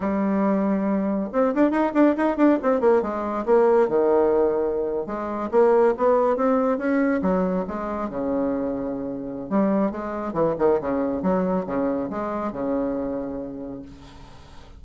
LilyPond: \new Staff \with { instrumentName = "bassoon" } { \time 4/4 \tempo 4 = 139 g2. c'8 d'8 | dis'8 d'8 dis'8 d'8 c'8 ais8 gis4 | ais4 dis2~ dis8. gis16~ | gis8. ais4 b4 c'4 cis'16~ |
cis'8. fis4 gis4 cis4~ cis16~ | cis2 g4 gis4 | e8 dis8 cis4 fis4 cis4 | gis4 cis2. | }